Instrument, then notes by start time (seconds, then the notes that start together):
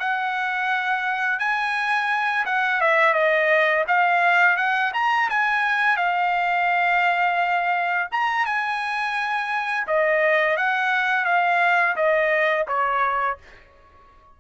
trumpet
0.00 F#5
1.40 G#5
2.46 F#5
2.81 E5
3.14 D#5
3.88 F5
4.57 F#5
4.94 A#5
5.30 G#5
5.97 F5
8.12 A#5
8.46 G#5
9.87 D#5
10.57 F#5
11.25 F5
11.96 D#5
12.68 C#5